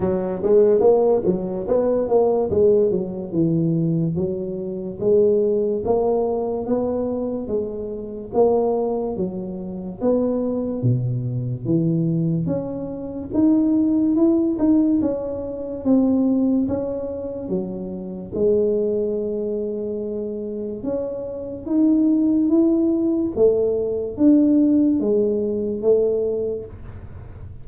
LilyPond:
\new Staff \with { instrumentName = "tuba" } { \time 4/4 \tempo 4 = 72 fis8 gis8 ais8 fis8 b8 ais8 gis8 fis8 | e4 fis4 gis4 ais4 | b4 gis4 ais4 fis4 | b4 b,4 e4 cis'4 |
dis'4 e'8 dis'8 cis'4 c'4 | cis'4 fis4 gis2~ | gis4 cis'4 dis'4 e'4 | a4 d'4 gis4 a4 | }